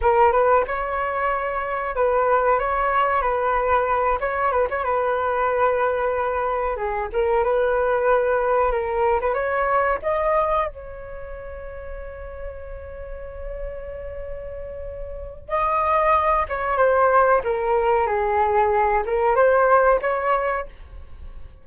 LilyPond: \new Staff \with { instrumentName = "flute" } { \time 4/4 \tempo 4 = 93 ais'8 b'8 cis''2 b'4 | cis''4 b'4. cis''8 b'16 cis''16 b'8~ | b'2~ b'8 gis'8 ais'8 b'8~ | b'4. ais'8. b'16 cis''4 dis''8~ |
dis''8 cis''2.~ cis''8~ | cis''1 | dis''4. cis''8 c''4 ais'4 | gis'4. ais'8 c''4 cis''4 | }